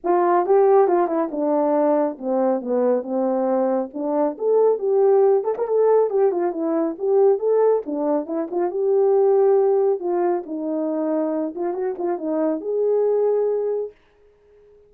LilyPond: \new Staff \with { instrumentName = "horn" } { \time 4/4 \tempo 4 = 138 f'4 g'4 f'8 e'8 d'4~ | d'4 c'4 b4 c'4~ | c'4 d'4 a'4 g'4~ | g'8 a'16 ais'16 a'4 g'8 f'8 e'4 |
g'4 a'4 d'4 e'8 f'8 | g'2. f'4 | dis'2~ dis'8 f'8 fis'8 f'8 | dis'4 gis'2. | }